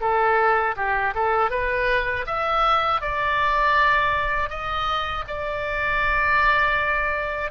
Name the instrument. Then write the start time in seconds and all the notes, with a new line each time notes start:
oboe
0.00 A4
0.76 G4
1.15 A4
1.50 B4
2.26 E5
3.01 D5
4.49 D#5
5.28 D5